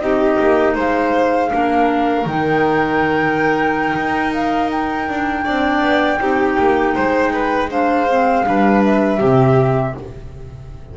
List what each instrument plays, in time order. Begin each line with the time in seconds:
0.00 double bass C4, clarinet D#4, violin G4, flute D#5
0.39 double bass A#3
0.75 double bass G#3, violin C5, flute F5
1.50 double bass A#3, clarinet D4, violin A#4
2.26 double bass D#3, clarinet D#4, flute G5
3.97 double bass D#4
4.33 flute F5
4.71 flute G5
5.09 double bass D4
5.44 double bass C4, clarinet D4, violin D5
5.82 double bass B3
6.19 double bass C4, clarinet D#4, violin G4
6.59 double bass A#3
6.95 double bass G#3, violin C5
7.33 violin B4
7.69 clarinet D4, violin C5, flute F5
8.10 clarinet C4
8.45 double bass G3, clarinet D4, violin B4
8.85 flute E5
9.20 double bass C3, clarinet C4, violin G4